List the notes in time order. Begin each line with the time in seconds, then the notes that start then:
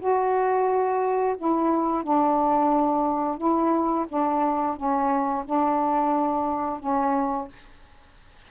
0.00 F#4
1.38 E4
2.03 D4
3.38 E4
4.09 D4
4.76 C#4
5.45 D4
6.80 C#4